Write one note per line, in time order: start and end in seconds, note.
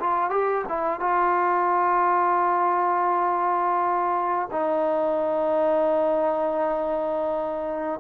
0.00 0.30 F4
0.30 0.65 G4
0.68 1.00 E4
1.00 4.49 F4
4.52 8.00 D#4